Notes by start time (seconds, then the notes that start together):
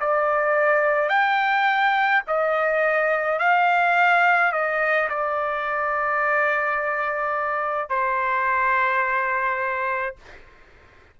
0.00 D5
1.09 G5
2.27 D#5
3.39 F5
4.52 D#5
5.09 D5
7.89 C5